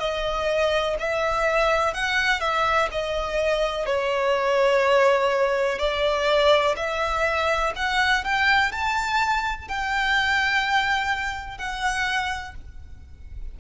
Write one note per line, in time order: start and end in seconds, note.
0.00 0.97 D#5
0.99 1.94 E5
1.94 2.41 F#5
2.41 2.89 E5
2.92 3.86 D#5
3.86 5.79 C#5
5.79 6.76 D5
6.77 7.73 E5
7.76 8.24 F#5
8.25 8.72 G5
8.72 9.69 A5
9.69 11.58 G5
11.58 12.55 F#5